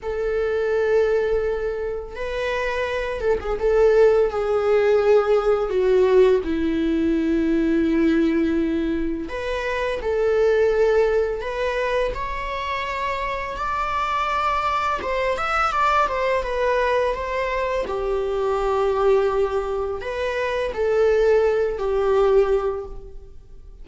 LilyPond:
\new Staff \with { instrumentName = "viola" } { \time 4/4 \tempo 4 = 84 a'2. b'4~ | b'8 a'16 gis'16 a'4 gis'2 | fis'4 e'2.~ | e'4 b'4 a'2 |
b'4 cis''2 d''4~ | d''4 c''8 e''8 d''8 c''8 b'4 | c''4 g'2. | b'4 a'4. g'4. | }